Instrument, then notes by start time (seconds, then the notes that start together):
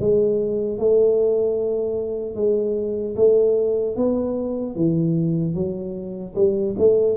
tuba
0.00 G#3
0.79 A3
2.35 G#3
3.16 A3
3.96 B3
4.75 E3
5.55 F#3
6.35 G3
6.78 A3